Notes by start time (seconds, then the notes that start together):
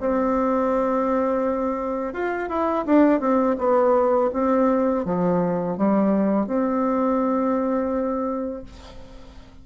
0.00 C4
2.13 F4
2.49 E4
2.86 D4
3.20 C4
3.58 B3
4.33 C4
5.05 F3
5.77 G3
6.46 C4